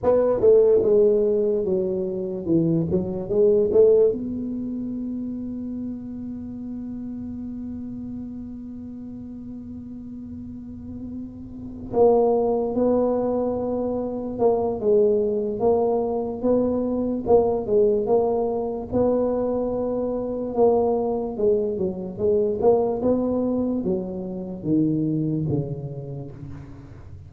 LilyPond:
\new Staff \with { instrumentName = "tuba" } { \time 4/4 \tempo 4 = 73 b8 a8 gis4 fis4 e8 fis8 | gis8 a8 b2.~ | b1~ | b2~ b8 ais4 b8~ |
b4. ais8 gis4 ais4 | b4 ais8 gis8 ais4 b4~ | b4 ais4 gis8 fis8 gis8 ais8 | b4 fis4 dis4 cis4 | }